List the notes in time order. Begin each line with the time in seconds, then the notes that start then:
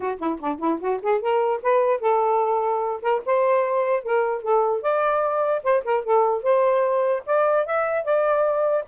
0.00 F#4
0.18 E4
0.40 D4
0.59 E4
0.80 F#4
1.02 G#4
1.21 A#4
1.62 B4
2.00 A4
3.01 A#4
3.25 C5
4.03 A#4
4.42 A4
4.82 D5
5.63 C5
5.84 A#4
6.04 A4
6.42 C5
7.25 D5
7.66 E5
8.04 D5